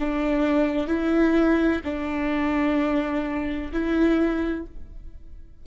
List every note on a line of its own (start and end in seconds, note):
0.00 0.87 D4
0.87 1.81 E4
1.84 3.72 D4
3.72 4.66 E4